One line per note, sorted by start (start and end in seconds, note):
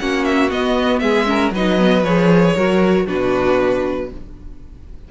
0.00 0.51 A#3
0.00 0.50 C#4
0.00 1.02 F#4
0.00 0.25 F#5
0.25 0.50 E5
0.50 1.26 B3
0.50 1.02 B3
0.50 1.00 D#5
1.00 1.51 G#3
1.00 1.28 G#4
1.00 1.51 E5
1.26 1.51 C#4
1.26 1.54 A#4
1.51 2.03 F#3
1.51 1.79 D#4
1.51 2.56 B4
1.51 2.04 D#5
1.79 2.04 B3
2.03 2.54 F3
2.03 2.57 G#4
2.03 3.07 C#5
2.56 3.08 F#3
2.56 3.07 F#4
2.56 3.07 A#4
3.07 4.12 B2
3.07 4.10 D4
3.07 4.09 F#4
3.07 4.11 B4